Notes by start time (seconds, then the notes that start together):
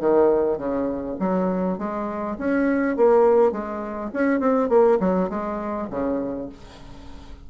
0.00 D#3
0.58 C#3
1.20 F#3
1.78 G#3
2.38 C#4
2.97 A#3
3.52 G#3
4.14 C#4
4.40 C4
4.69 A#3
5.00 F#3
5.30 G#3
5.90 C#3